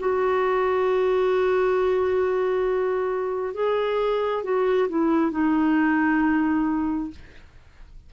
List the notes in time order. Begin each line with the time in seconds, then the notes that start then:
0.00 F#4
3.54 G#4
4.44 F#4
4.89 E4
5.31 D#4